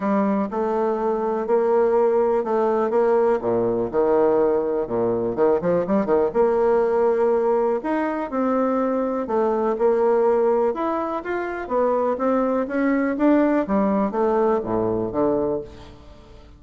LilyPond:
\new Staff \with { instrumentName = "bassoon" } { \time 4/4 \tempo 4 = 123 g4 a2 ais4~ | ais4 a4 ais4 ais,4 | dis2 ais,4 dis8 f8 | g8 dis8 ais2. |
dis'4 c'2 a4 | ais2 e'4 f'4 | b4 c'4 cis'4 d'4 | g4 a4 a,4 d4 | }